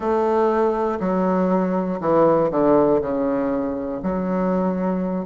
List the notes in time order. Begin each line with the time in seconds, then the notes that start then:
0.00 A3
1.00 F#3
2.00 E3
2.50 D3
3.00 C#3
4.02 F#3